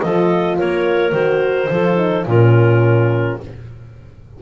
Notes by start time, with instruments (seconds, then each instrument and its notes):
0.00 double bass F3, horn F4, clarinet A4 D#5
0.57 double bass A#3, clarinet A#4 C#5
1.12 double bass D#3, horn F#4, clarinet C5
1.70 double bass F3, horn F4, clarinet A4
1.96 horn D#4
2.26 double bass A#2, horn C#4, clarinet F4 A#4